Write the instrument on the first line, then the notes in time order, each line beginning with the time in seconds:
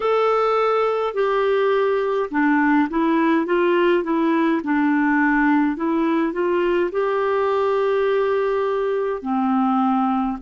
clarinet
0.00 A4
1.14 G4
2.30 D4
2.89 E4
3.46 F4
4.03 E4
4.63 D4
5.76 E4
6.32 F4
6.91 G4
9.22 C4